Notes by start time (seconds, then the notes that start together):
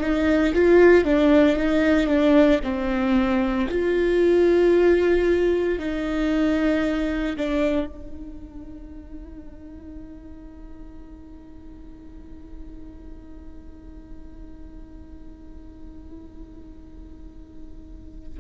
0.00 D#4
0.54 F4
1.05 D4
1.56 D#4
2.07 D4
2.63 C4
3.69 F4
5.79 D#4
7.37 D4
7.87 D#4